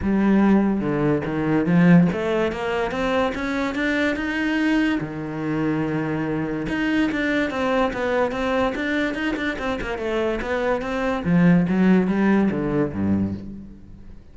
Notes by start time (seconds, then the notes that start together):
0.02 G3
0.80 D3
1.25 D#3
1.66 F3
2.12 A3
2.52 A#3
2.91 C4
3.34 C#4
3.75 D4
4.16 D#4
5.00 D#3
6.69 D#4
7.11 D4
7.50 C4
7.93 B3
8.31 C4
8.75 D4
9.14 D#4
9.36 D4
9.59 C4
9.81 A#3
9.98 A3
10.41 B3
10.81 C4
11.24 F3
11.69 F#3
12.07 G3
12.50 D3
12.92 G2